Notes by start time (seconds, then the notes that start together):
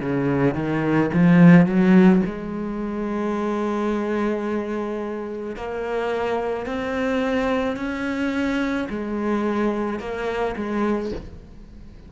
0.00 C#3
0.54 D#3
1.13 F3
1.66 F#3
2.25 G#3
5.56 A#3
6.66 C4
7.76 C#4
8.89 G#3
9.99 A#3
10.56 G#3